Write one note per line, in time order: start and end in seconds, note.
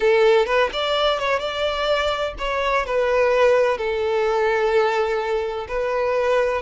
0.00 0.46 A4
0.46 0.69 B4
0.72 1.19 D5
1.19 1.39 C#5
1.39 2.33 D5
2.38 2.85 C#5
2.85 3.77 B4
3.77 5.66 A4
5.67 6.61 B4